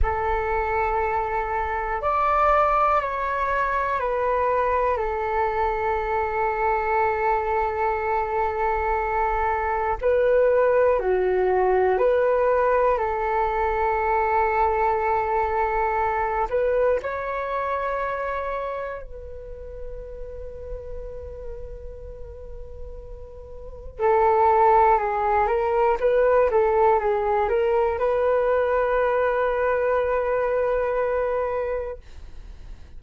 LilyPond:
\new Staff \with { instrumentName = "flute" } { \time 4/4 \tempo 4 = 60 a'2 d''4 cis''4 | b'4 a'2.~ | a'2 b'4 fis'4 | b'4 a'2.~ |
a'8 b'8 cis''2 b'4~ | b'1 | a'4 gis'8 ais'8 b'8 a'8 gis'8 ais'8 | b'1 | }